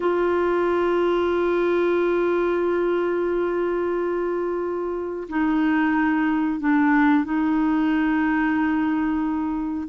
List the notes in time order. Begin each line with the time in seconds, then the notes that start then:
0.00 F4
5.29 D#4
6.59 D4
7.24 D#4